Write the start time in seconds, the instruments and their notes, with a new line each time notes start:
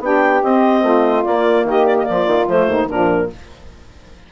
0.00 bassoon B3, saxophone D4 G4, clarinet G5
0.43 bassoon C4, saxophone C4, clarinet D#5
0.83 bassoon A3, saxophone F4
1.24 saxophone A#3, bassoon A#3, clarinet D5
1.64 bassoon D#3, saxophone G4, clarinet D#5
1.86 clarinet D5
1.99 clarinet D5 D#5
2.08 bassoon F3, saxophone F4
2.27 bassoon D#3
2.46 bassoon F3, saxophone A3, clarinet C5
2.67 bassoon D#2, saxophone D#4
2.88 bassoon A#2, saxophone F3 D4, clarinet A#4